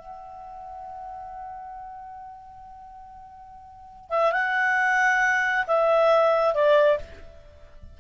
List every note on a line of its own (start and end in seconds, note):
0.00 4.10 F#5
4.10 4.33 E5
4.33 5.66 F#5
5.67 6.55 E5
6.55 6.99 D5